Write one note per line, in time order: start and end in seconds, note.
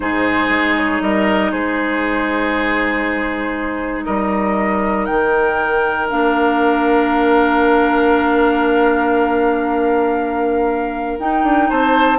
0.00 0.49 G#2
0.00 6.09 D#4
0.00 1.02 G#4
0.00 0.75 C5
0.49 1.00 G#3
0.76 1.01 C#5
1.01 1.52 G3
1.01 1.51 A#4
1.01 1.51 D#5
1.51 4.07 G#3
1.51 4.05 G#4
1.51 4.04 C5
4.04 5.09 G3
4.04 11.68 A#4
4.04 5.05 D#5
5.05 6.10 D#3
5.05 6.07 G5
6.09 11.18 A#3
6.09 11.18 D4
6.09 11.18 F5
11.18 11.43 D#4
11.18 12.18 D#4
11.18 11.70 G5
11.43 11.69 D4
11.69 12.18 C4
11.69 12.18 C5
11.69 12.18 A5